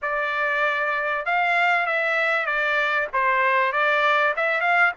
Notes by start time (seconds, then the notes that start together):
0.01 D5
1.25 F5
1.86 E5
2.45 D5
3.13 C5
3.72 D5
4.36 E5
4.61 F5